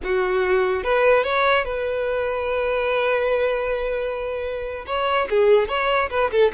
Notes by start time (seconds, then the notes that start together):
0.03 F#4
0.83 B4
1.23 C#5
1.64 B4
4.86 C#5
5.30 G#4
5.68 C#5
6.10 B4
6.31 A4